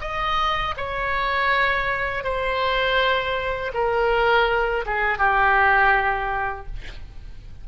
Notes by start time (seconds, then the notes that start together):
0.00 D#5
0.76 C#5
2.23 C5
3.73 A#4
4.85 G#4
5.18 G4